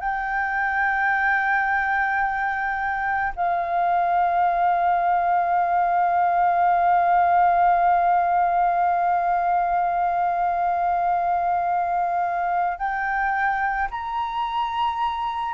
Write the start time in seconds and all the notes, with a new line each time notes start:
0.00 G5
3.36 F5
12.78 G5
13.90 A#5